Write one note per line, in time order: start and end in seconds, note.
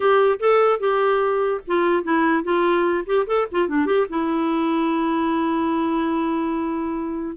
0.00 0.39 G4
0.39 0.79 A4
0.79 1.61 G4
1.67 2.03 F4
2.03 2.43 E4
2.43 3.04 F4
3.06 3.26 G4
3.27 3.47 A4
3.51 3.68 F4
3.68 3.86 D4
3.86 4.06 G4
4.09 7.36 E4